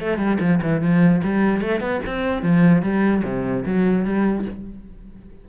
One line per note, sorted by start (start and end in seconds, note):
0.00 0.17 A3
0.17 0.38 G3
0.40 0.60 F3
0.62 0.81 E3
0.81 1.21 F3
1.23 1.61 G3
1.61 1.80 A3
1.80 2.00 B3
2.06 2.43 C4
2.43 2.82 F3
2.82 3.23 G3
3.24 3.64 C3
3.65 4.05 F#3
4.05 4.45 G3